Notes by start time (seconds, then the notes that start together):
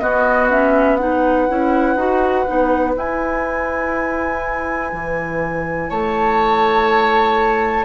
0.00 B3 F#4 D#5
0.50 C#4 E5
0.97 D#4 B4 F#5
1.49 C#4 E4
1.96 D#4 F#4
2.47 B3 D#4
2.95 E4 G#5
4.93 E3
5.90 A3 C#5 A5